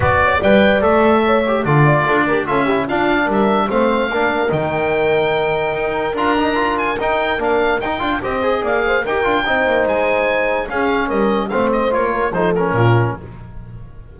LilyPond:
<<
  \new Staff \with { instrumentName = "oboe" } { \time 4/4 \tempo 4 = 146 d''4 g''4 e''2 | d''2 e''4 f''4 | e''4 f''2 g''4~ | g''2. ais''4~ |
ais''8 gis''8 g''4 f''4 g''4 | dis''4 f''4 g''2 | gis''2 f''4 dis''4 | f''8 dis''8 cis''4 c''8 ais'4. | }
  \new Staff \with { instrumentName = "horn" } { \time 4/4 b'8 cis''8 d''2 cis''4 | a'8 d''8 a'8 ais'8 a'8 g'8 f'4 | ais'4 c''4 ais'2~ | ais'1~ |
ais'1 | c''4 d''8 c''8 ais'4 c''4~ | c''2 gis'4 ais'4 | c''4. ais'8 a'4 f'4 | }
  \new Staff \with { instrumentName = "trombone" } { \time 4/4 fis'4 b'4 a'4. g'8 | f'4. g'8 f'8 e'8 d'4~ | d'4 c'4 d'4 dis'4~ | dis'2. f'8 dis'8 |
f'4 dis'4 d'4 dis'8 f'8 | g'8 gis'4. g'8 f'8 dis'4~ | dis'2 cis'2 | c'4 f'4 dis'8 cis'4. | }
  \new Staff \with { instrumentName = "double bass" } { \time 4/4 b4 g4 a2 | d4 d'4 cis'4 d'4 | g4 a4 ais4 dis4~ | dis2 dis'4 d'4~ |
d'4 dis'4 ais4 dis'8 d'8 | c'4 ais4 dis'8 d'8 c'8 ais8 | gis2 cis'4 g4 | a4 ais4 f4 ais,4 | }
>>